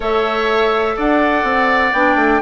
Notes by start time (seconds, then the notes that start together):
0.00 A3 A4 C#5 E5
0.96 D4 D5 F#5
1.43 C4
1.93 B3 D4 G5
2.15 A3